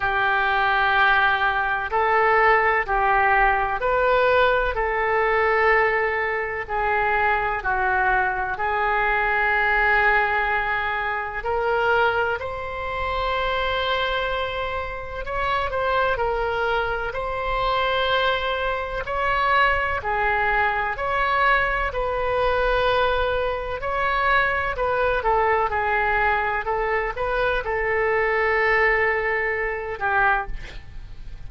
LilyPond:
\new Staff \with { instrumentName = "oboe" } { \time 4/4 \tempo 4 = 63 g'2 a'4 g'4 | b'4 a'2 gis'4 | fis'4 gis'2. | ais'4 c''2. |
cis''8 c''8 ais'4 c''2 | cis''4 gis'4 cis''4 b'4~ | b'4 cis''4 b'8 a'8 gis'4 | a'8 b'8 a'2~ a'8 g'8 | }